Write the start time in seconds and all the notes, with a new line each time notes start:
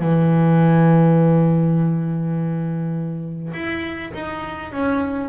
0.00 E3
3.54 E4
4.14 D#4
4.72 C#4